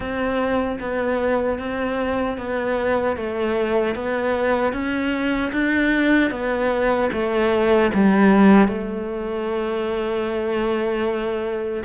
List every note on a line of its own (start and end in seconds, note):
0.00 0.78 C4
0.79 1.58 B3
1.58 2.37 C4
2.37 3.16 B3
3.16 3.95 A3
3.95 4.72 B3
4.72 5.51 C#4
5.52 6.31 D4
6.31 7.09 B3
7.12 7.91 A3
7.93 8.67 G3
8.67 11.83 A3